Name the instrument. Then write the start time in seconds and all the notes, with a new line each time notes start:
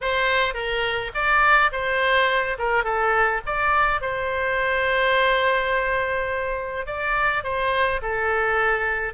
oboe
0.01 C5
0.54 A#4
1.14 D5
1.71 C5
2.58 A#4
2.84 A4
3.45 D5
4.01 C5
6.86 D5
7.43 C5
8.02 A4